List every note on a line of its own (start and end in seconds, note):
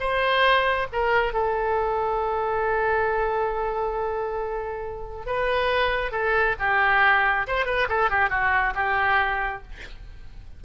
0.00 0.88 C5
0.93 1.33 A#4
1.33 5.26 A4
5.26 6.12 B4
6.12 6.56 A4
6.60 7.47 G4
7.47 7.66 C5
7.66 7.88 B4
7.89 8.10 A4
8.10 8.30 G4
8.30 8.74 F#4
8.75 9.63 G4